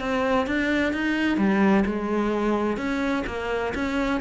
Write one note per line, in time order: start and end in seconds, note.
0.00 0.47 C4
0.47 0.93 D4
0.93 1.37 D#4
1.37 1.84 G3
1.86 2.77 G#3
2.77 3.24 C#4
3.27 3.74 A#3
3.75 4.21 C#4